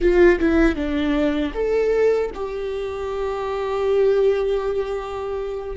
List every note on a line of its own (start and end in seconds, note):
0.00 0.39 F4
0.39 0.75 E4
0.75 1.52 D4
1.53 2.30 A4
2.34 5.76 G4